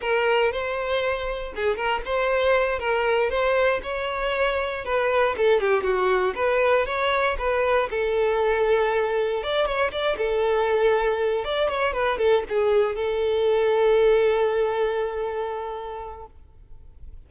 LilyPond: \new Staff \with { instrumentName = "violin" } { \time 4/4 \tempo 4 = 118 ais'4 c''2 gis'8 ais'8 | c''4. ais'4 c''4 cis''8~ | cis''4. b'4 a'8 g'8 fis'8~ | fis'8 b'4 cis''4 b'4 a'8~ |
a'2~ a'8 d''8 cis''8 d''8 | a'2~ a'8 d''8 cis''8 b'8 | a'8 gis'4 a'2~ a'8~ | a'1 | }